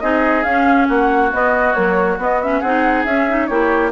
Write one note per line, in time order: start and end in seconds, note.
0.00 0.44 C4
0.00 0.45 D#4
0.00 0.88 G#4
0.00 0.43 D#5
0.44 0.88 C#4
0.44 1.32 C#4
0.44 0.87 F5
0.88 1.32 A#3
0.88 2.60 F#4
0.88 1.33 F#5
1.32 1.75 B3
1.32 1.74 D#5
1.74 2.19 F#3
1.74 2.18 A#3
1.74 2.17 C#5
2.18 2.61 B3
2.18 2.41 B3
2.18 2.42 D#5
2.42 2.64 C#4
2.42 2.61 E5
2.60 3.05 C4
2.60 3.08 D#4
2.60 3.47 G#4
2.60 3.04 F#5
3.05 3.49 C#4
3.05 3.29 C#4
3.05 3.47 E5
3.29 3.50 D#4
3.47 3.92 A#3
3.47 3.92 E4
3.47 3.92 G4
3.47 3.90 C#5